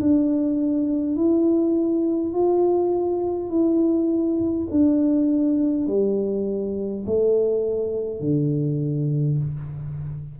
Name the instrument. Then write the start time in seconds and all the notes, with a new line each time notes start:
tuba
0.00 D4
1.16 E4
2.34 F4
3.50 E4
4.71 D4
5.87 G3
7.06 A3
8.20 D3